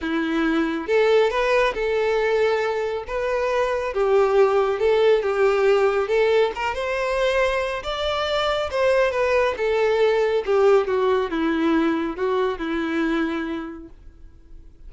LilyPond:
\new Staff \with { instrumentName = "violin" } { \time 4/4 \tempo 4 = 138 e'2 a'4 b'4 | a'2. b'4~ | b'4 g'2 a'4 | g'2 a'4 ais'8 c''8~ |
c''2 d''2 | c''4 b'4 a'2 | g'4 fis'4 e'2 | fis'4 e'2. | }